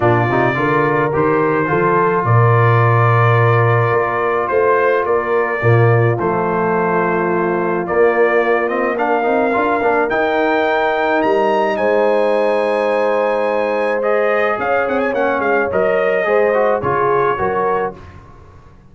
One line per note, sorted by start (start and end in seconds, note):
0.00 0.28 A#2
0.00 0.28 D4
0.00 0.54 F4
0.00 1.12 D5
0.29 0.56 C3
0.29 0.55 D#4
0.55 1.12 D3
0.55 1.11 F4
0.55 1.69 A#4
1.12 1.70 D#3
1.12 1.66 G4
1.12 2.24 C5
1.66 2.24 F3
1.66 5.58 F4
1.66 2.25 A4
2.24 3.91 A#2
2.24 4.50 A#4
2.24 4.47 D5
3.91 4.47 A#3
4.47 5.04 A3
4.47 5.04 C5
4.47 5.06 C5
5.04 5.61 A#3
5.04 5.61 A#4
5.04 6.17 D5
5.61 6.18 A#2
5.61 6.17 A#3
5.61 8.98 F4
6.19 7.87 F3
6.19 7.86 A3
6.19 7.86 C5
7.86 8.68 A#3
7.86 9.26 A#3
7.86 8.68 D5
8.68 8.96 C4
8.68 8.96 D#5
8.97 9.23 D4
8.97 11.77 A#4
8.97 10.09 F5
9.23 9.54 C4
9.23 9.51 D#4
9.52 9.81 D4
9.52 9.80 F4
9.81 10.09 A#3
9.81 10.09 D4
10.09 14.02 D#4
10.09 11.23 D#4
10.09 11.21 G5
11.22 11.77 G3
11.22 11.77 A#5
11.77 14.58 G#3
11.77 14.57 C5
11.77 14.01 G#5
14.02 15.14 G#4
14.02 14.58 D#5
14.58 14.86 C#4
14.58 16.27 C#5
14.58 14.87 F5
14.87 15.13 C4
14.87 14.99 F#5
14.99 15.13 G#5
15.13 15.39 A#3
15.13 15.70 C#4
15.13 15.40 F#5
15.39 15.67 G#3
15.39 15.68 F5
15.71 16.25 F#3
15.71 16.23 A#4
15.71 16.81 D#5
16.23 16.81 G#3
16.23 16.52 G#4
16.23 16.81 C5
16.54 16.82 F#4
16.81 17.38 C#3
16.81 17.37 F4
16.81 17.37 G#4
16.81 17.93 C#5
17.37 17.95 F#3
17.37 17.93 F#4
17.37 17.95 A#4